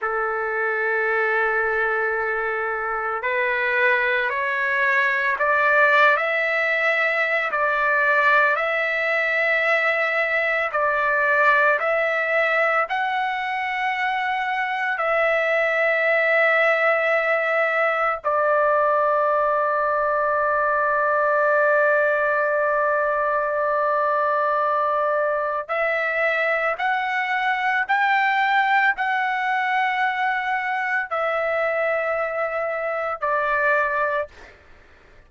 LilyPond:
\new Staff \with { instrumentName = "trumpet" } { \time 4/4 \tempo 4 = 56 a'2. b'4 | cis''4 d''8. e''4~ e''16 d''4 | e''2 d''4 e''4 | fis''2 e''2~ |
e''4 d''2.~ | d''1 | e''4 fis''4 g''4 fis''4~ | fis''4 e''2 d''4 | }